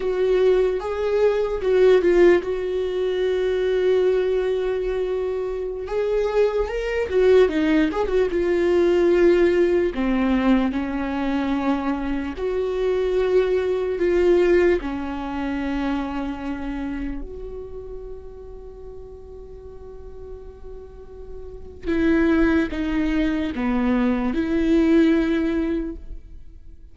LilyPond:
\new Staff \with { instrumentName = "viola" } { \time 4/4 \tempo 4 = 74 fis'4 gis'4 fis'8 f'8 fis'4~ | fis'2.~ fis'16 gis'8.~ | gis'16 ais'8 fis'8 dis'8 gis'16 fis'16 f'4.~ f'16~ | f'16 c'4 cis'2 fis'8.~ |
fis'4~ fis'16 f'4 cis'4.~ cis'16~ | cis'4~ cis'16 fis'2~ fis'8.~ | fis'2. e'4 | dis'4 b4 e'2 | }